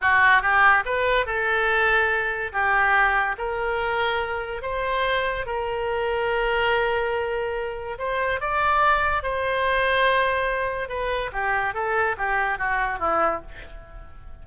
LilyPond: \new Staff \with { instrumentName = "oboe" } { \time 4/4 \tempo 4 = 143 fis'4 g'4 b'4 a'4~ | a'2 g'2 | ais'2. c''4~ | c''4 ais'2.~ |
ais'2. c''4 | d''2 c''2~ | c''2 b'4 g'4 | a'4 g'4 fis'4 e'4 | }